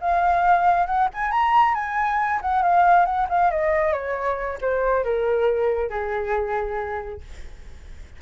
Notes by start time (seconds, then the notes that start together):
0.00 F5
0.86 F#5
1.13 G#5
1.31 A#5
1.74 G#5
2.41 F#5
2.62 F5
3.05 F#5
3.29 F5
3.51 D#5
3.93 C#5
4.61 C5
5.04 A#4
5.89 G#4